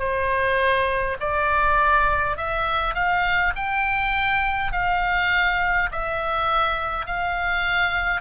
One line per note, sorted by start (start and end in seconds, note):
0.00 1.18 C5
1.20 2.37 D5
2.37 2.95 E5
2.95 3.53 F5
3.56 4.72 G5
4.72 5.90 F5
5.92 7.06 E5
7.06 8.21 F5